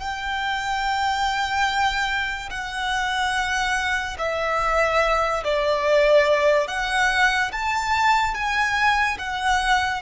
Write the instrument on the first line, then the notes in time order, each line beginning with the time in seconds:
violin
0.00 G5
2.50 F#5
4.19 E5
5.45 D5
6.68 F#5
7.53 A5
8.35 G#5
9.19 F#5